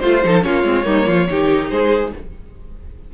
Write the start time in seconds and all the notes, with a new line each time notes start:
0.00 A3 F4 C5
0.24 F3 D#4 A4
0.42 A#3 C#4 F4 C#5
0.64 G#3 C4
0.84 G3 A#3 D#4
1.07 F3 F4
1.31 D#3 D#4 G4
1.70 G#3 G#4 C5